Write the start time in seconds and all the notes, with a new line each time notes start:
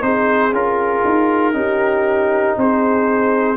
0.00 C4 D#4 G#4 C5
0.52 C#4 F4 A#4
1.04 D#4
1.53 C#4 D#4 G4
2.57 C4 G#4 C5